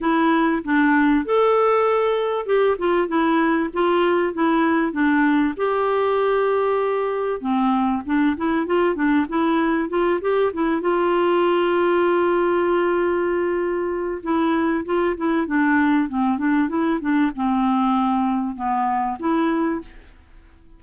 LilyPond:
\new Staff \with { instrumentName = "clarinet" } { \time 4/4 \tempo 4 = 97 e'4 d'4 a'2 | g'8 f'8 e'4 f'4 e'4 | d'4 g'2. | c'4 d'8 e'8 f'8 d'8 e'4 |
f'8 g'8 e'8 f'2~ f'8~ | f'2. e'4 | f'8 e'8 d'4 c'8 d'8 e'8 d'8 | c'2 b4 e'4 | }